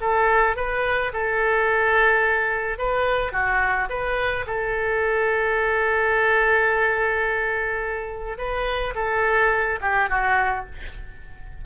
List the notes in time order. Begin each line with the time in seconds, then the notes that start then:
0.00 A4
0.56 B4
1.13 A4
2.78 B4
3.32 F#4
3.89 B4
4.46 A4
8.37 B4
8.95 A4
9.81 G4
10.09 F#4